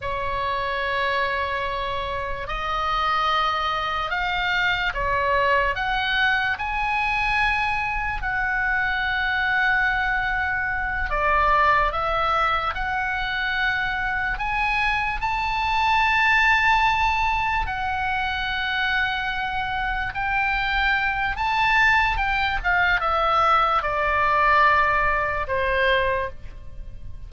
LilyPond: \new Staff \with { instrumentName = "oboe" } { \time 4/4 \tempo 4 = 73 cis''2. dis''4~ | dis''4 f''4 cis''4 fis''4 | gis''2 fis''2~ | fis''4. d''4 e''4 fis''8~ |
fis''4. gis''4 a''4.~ | a''4. fis''2~ fis''8~ | fis''8 g''4. a''4 g''8 f''8 | e''4 d''2 c''4 | }